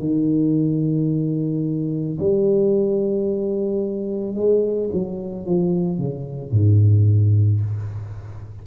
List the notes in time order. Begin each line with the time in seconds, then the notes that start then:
0.00 D#3
2.20 G3
4.35 G#3
4.93 F#3
5.46 F3
5.99 C#3
6.52 G#2